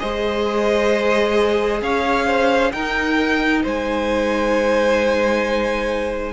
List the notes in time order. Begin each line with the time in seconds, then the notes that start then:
0.00 G#3 G#4 C5 D#5
1.82 C#4 C#5 F5
2.27 C5
2.72 D#4 A#4 G5
3.63 G#3 C5 G#5